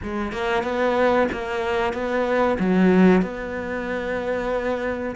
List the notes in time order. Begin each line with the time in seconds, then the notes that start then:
0.02 G#3
0.32 A#3
0.63 B3
1.32 A#3
1.93 B3
2.59 F#3
3.22 B3